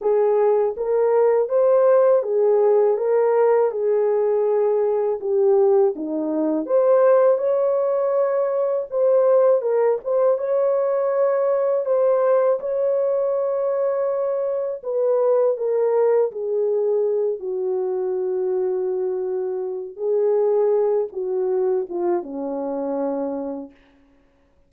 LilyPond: \new Staff \with { instrumentName = "horn" } { \time 4/4 \tempo 4 = 81 gis'4 ais'4 c''4 gis'4 | ais'4 gis'2 g'4 | dis'4 c''4 cis''2 | c''4 ais'8 c''8 cis''2 |
c''4 cis''2. | b'4 ais'4 gis'4. fis'8~ | fis'2. gis'4~ | gis'8 fis'4 f'8 cis'2 | }